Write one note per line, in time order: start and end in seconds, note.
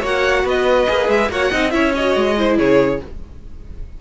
0.00 0.44 A#3
0.00 0.87 F#4
0.00 0.43 C#5
0.00 0.47 F#5
0.44 0.86 B3
0.44 1.30 B4
0.44 1.09 D#5
0.87 1.08 A#3
0.87 1.29 G#4
1.08 1.29 G#3
1.08 1.31 E5
1.29 1.51 A#3
1.29 1.52 F#4
1.29 1.51 C#5
1.29 1.71 F#5
1.51 1.73 C4
1.51 1.71 D#4
1.51 1.72 D#5
1.71 2.16 C#4
1.71 1.92 E4
1.71 2.37 C#5
1.71 1.92 E5
1.95 2.37 F#4
1.95 2.59 D#5
2.16 2.58 G#3
2.37 3.01 E4
2.37 2.58 C5
2.58 3.00 C#3
2.58 3.00 G#4
2.58 3.01 C#5